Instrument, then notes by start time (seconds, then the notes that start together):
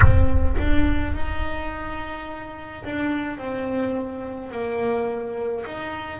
double bass
0.00 C4
0.58 D4
1.14 D#4
2.84 D4
3.38 C4
4.51 A#3
5.65 D#4